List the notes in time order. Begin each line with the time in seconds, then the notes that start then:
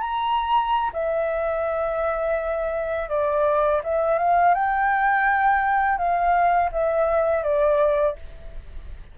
0.00 A#5
0.93 E5
3.09 D5
3.83 E5
4.18 F5
4.54 G5
5.97 F5
6.71 E5
7.43 D5